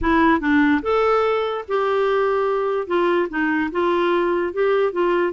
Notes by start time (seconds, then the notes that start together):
0.01 E4
0.40 D4
0.82 A4
1.68 G4
2.87 F4
3.29 D#4
3.71 F4
4.53 G4
4.92 F4